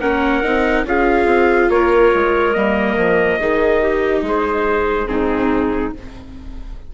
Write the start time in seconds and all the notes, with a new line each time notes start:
0.00 A#3 C#4 A#4 F#5
0.43 C4 D#4
0.84 C#4 F4 G#4 F5
1.26 C4
1.69 A#3 A#4 C#5
2.14 G#3
2.53 G3 A#3 D#5
2.96 F3
3.39 D#3 D#4 G#4
3.81 G4
4.21 G#3 G#4
4.28 C5
5.06 G#2 C4 D#4 G#4